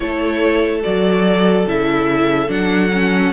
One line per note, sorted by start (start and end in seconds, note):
0.00 0.83 A3
0.00 0.81 E4
0.00 3.32 A4
0.00 0.80 C#5
0.81 1.66 F#3
0.81 1.65 F#4
0.81 1.66 D5
1.66 2.48 C#3
1.66 2.47 E4
1.66 2.50 E5
2.47 3.31 F#3
2.47 2.89 D4
2.47 3.32 F#5
2.92 3.32 C#4